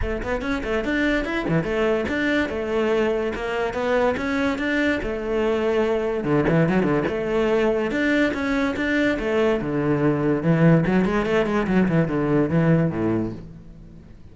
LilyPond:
\new Staff \with { instrumentName = "cello" } { \time 4/4 \tempo 4 = 144 a8 b8 cis'8 a8 d'4 e'8 e8 | a4 d'4 a2 | ais4 b4 cis'4 d'4 | a2. d8 e8 |
fis8 d8 a2 d'4 | cis'4 d'4 a4 d4~ | d4 e4 fis8 gis8 a8 gis8 | fis8 e8 d4 e4 a,4 | }